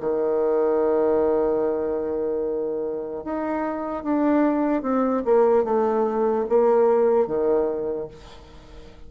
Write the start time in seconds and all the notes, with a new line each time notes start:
0.00 D#3
3.24 D#4
4.03 D4
4.82 C4
5.25 A#3
5.64 A3
6.49 A#3
7.26 D#3